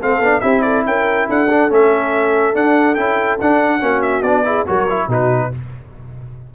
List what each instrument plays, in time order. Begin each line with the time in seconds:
0.00 tuba A3, trombone C4, horn A4, trumpet F5
0.19 tuba B3, trombone D4
0.40 tuba C4, trombone E4, horn G4, trumpet E5
0.61 horn A4, trumpet D5
0.85 tuba C#4, horn A#4, trumpet G5
1.28 tuba D4, horn A4, trumpet F#5
1.50 trombone D4
1.69 tuba A3, trombone C#4, trumpet E5
2.54 trombone D4, tuba D4, trumpet F#5
2.94 tuba C#4, trombone E4, trumpet G5
3.40 tuba D4, trombone D4, trumpet F#5
3.80 tuba A#3, trombone C#4, horn F#4
4.02 trumpet E5
4.22 tuba B3, trombone D4, trumpet D5
4.44 trombone E4, horn G#4
4.66 tuba F#3, trombone F#4, horn A#4, trumpet C#5
4.89 trombone E4
5.07 tuba B2, trombone D#4, horn F#4, trumpet B4